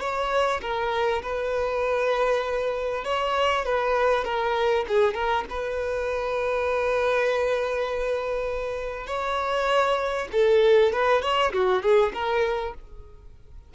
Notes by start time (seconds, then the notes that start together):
0.00 C#5
0.61 A#4
1.22 B4
3.04 C#5
3.65 B4
4.24 A#4
4.88 G#4
5.14 A#4
5.49 B4
9.07 C#5
10.32 A4
10.92 B4
11.22 C#5
11.53 F#4
11.82 G#4
12.13 A#4